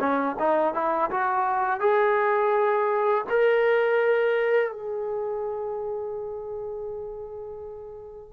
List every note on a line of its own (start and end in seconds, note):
0.00 0.36 C#4
0.39 0.75 D#4
0.75 1.11 E4
1.11 1.80 F#4
1.80 3.25 G#4
3.30 4.72 A#4
4.72 8.33 G#4